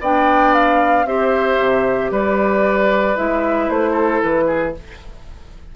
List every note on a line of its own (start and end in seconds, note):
0.00 1.04 B3
0.00 1.06 D4
0.00 1.05 D5
0.00 0.54 G5
0.54 1.06 F5
1.04 1.57 C4
1.04 3.16 G4
1.04 2.11 C5
1.04 2.11 E5
1.58 2.10 C3
2.10 3.16 G3
2.10 3.91 B4
2.10 3.17 D5
3.16 3.69 G#3
3.16 4.74 E4
3.16 3.69 E5
3.69 4.21 A3
3.69 4.21 C5
3.91 4.44 A4
4.21 4.75 E3
4.21 4.74 B4
4.46 4.73 G#4